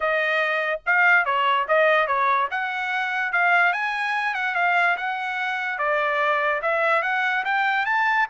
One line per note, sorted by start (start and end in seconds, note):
0.00 0.80 D#5
0.86 1.25 F5
1.25 1.66 C#5
1.68 2.07 D#5
2.07 2.48 C#5
2.50 3.32 F#5
3.32 3.72 F5
3.72 4.34 G#5
4.34 4.55 F#5
4.55 4.96 F5
4.96 5.78 F#5
5.78 6.61 D5
6.62 7.02 E5
7.02 7.44 F#5
7.44 7.85 G5
7.85 8.27 A5